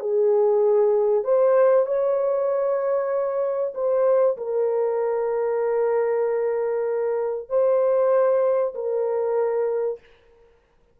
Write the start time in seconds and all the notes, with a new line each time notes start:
0.00 G#4
1.24 C5
1.86 C#5
3.74 C5
4.37 A#4
7.49 C5
8.75 A#4